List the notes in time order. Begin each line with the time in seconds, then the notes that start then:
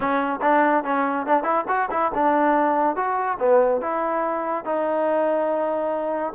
0.00 C#4
0.41 D4
0.84 C#4
1.26 D4
1.43 E4
1.68 F#4
1.90 E4
2.14 D4
2.96 F#4
3.39 B3
3.81 E4
4.64 D#4